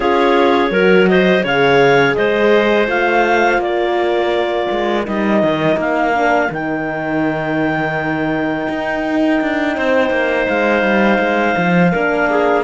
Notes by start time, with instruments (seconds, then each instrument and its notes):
0.00 cello C#4, horn F4, clarinet G#4 C#5
0.70 cello F#3, horn F#4, clarinet A#4
1.08 clarinet C5 D#5
1.43 cello C#3, horn G#4, clarinet C#5 F5
2.14 cello G#3, clarinet C5 D#5
2.87 cello A3, horn F4, clarinet F5
3.58 cello A#3, clarinet A#4 D5
4.70 cello G#3
5.06 cello G3, horn D#4, clarinet D#5
5.42 cello D#3
5.76 cello A#3, clarinet F5
6.14 horn D4
6.50 cello D#3, horn D#4, clarinet G5
8.68 cello D#4
9.41 cello D4
9.76 cello C4, clarinet C5
10.10 cello A#3
10.47 cello G#3, clarinet F5
10.82 cello G3
11.19 cello G#3
11.56 cello F3
11.92 cello A#3, horn D4, clarinet A#4
12.30 clarinet G#4